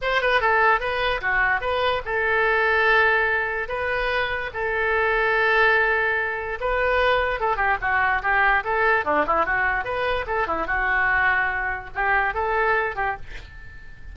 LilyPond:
\new Staff \with { instrumentName = "oboe" } { \time 4/4 \tempo 4 = 146 c''8 b'8 a'4 b'4 fis'4 | b'4 a'2.~ | a'4 b'2 a'4~ | a'1 |
b'2 a'8 g'8 fis'4 | g'4 a'4 d'8 e'8 fis'4 | b'4 a'8 e'8 fis'2~ | fis'4 g'4 a'4. g'8 | }